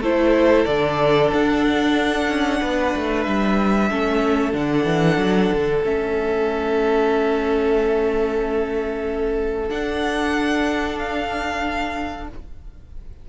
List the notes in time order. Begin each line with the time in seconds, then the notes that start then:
0.00 A3 E4 A4 C5
0.65 D3 D4 D5
1.33 D4 F#5
2.28 C#4
2.61 B3 B4
2.95 A3
3.23 G3 E5
3.90 A3 C#4 A4
4.52 D3 D4 F#5
4.85 E3
5.17 F#3
5.53 D3
5.83 A3 C#4 E5
9.69 D4 F#5
10.99 F5